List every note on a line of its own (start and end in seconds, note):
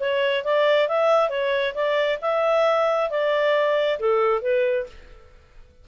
0.00 0.44 C#5
0.44 0.88 D5
0.88 1.29 E5
1.29 1.74 C#5
1.75 2.19 D5
2.22 3.10 E5
3.10 3.99 D5
3.99 4.42 A4
4.42 4.86 B4